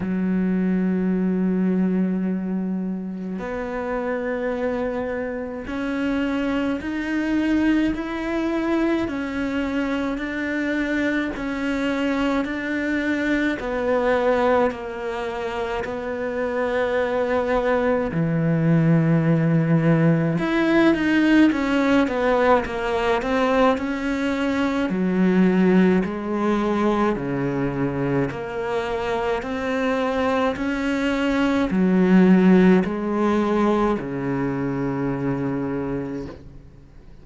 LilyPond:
\new Staff \with { instrumentName = "cello" } { \time 4/4 \tempo 4 = 53 fis2. b4~ | b4 cis'4 dis'4 e'4 | cis'4 d'4 cis'4 d'4 | b4 ais4 b2 |
e2 e'8 dis'8 cis'8 b8 | ais8 c'8 cis'4 fis4 gis4 | cis4 ais4 c'4 cis'4 | fis4 gis4 cis2 | }